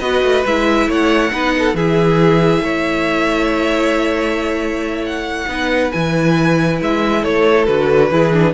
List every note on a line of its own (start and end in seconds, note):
0.00 0.22 B3
0.00 0.45 F#4
0.00 0.88 B4
0.00 0.44 D#5
0.23 0.45 A3
0.46 0.88 G#3
0.46 1.32 E4
0.46 0.91 E5
0.88 1.32 A3
0.88 1.32 C#5
0.88 1.76 F#5
1.32 1.74 B3
1.32 1.75 D#4
1.32 1.55 B4
1.59 1.76 A4
1.74 2.61 E3
1.74 5.49 E4
1.74 2.64 G#4
1.74 5.05 E5
2.61 5.45 A3
2.61 5.48 C#5
5.06 5.92 F#5
5.48 5.92 B3
5.48 5.92 D#4
5.48 7.22 B4
5.92 6.82 E3
5.92 7.67 E4
5.92 6.79 G#5
6.82 7.24 G#3
6.82 7.24 E5
7.22 7.68 A3
7.22 8.09 A4
7.22 7.66 C#5
7.66 8.11 D3
7.66 8.11 F#4
7.66 8.54 B4
8.11 8.54 E3
8.11 8.33 E4
8.11 8.54 G#4
8.33 8.54 D4